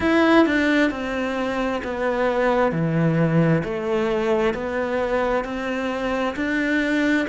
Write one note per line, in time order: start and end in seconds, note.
0.00 0.45 E4
0.45 0.90 D4
0.90 1.81 C4
1.84 2.71 B3
2.71 3.62 E3
3.64 4.54 A3
4.54 5.44 B3
5.44 6.35 C4
6.36 7.26 D4